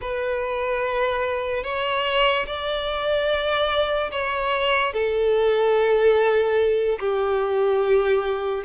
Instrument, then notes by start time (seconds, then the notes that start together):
violin
0.01 B4
1.63 C#5
2.46 D5
4.11 C#5
4.93 A4
6.99 G4